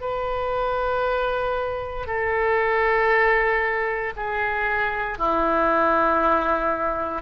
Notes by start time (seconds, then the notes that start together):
0.00 B4
2.06 A4
4.16 G#4
5.18 E4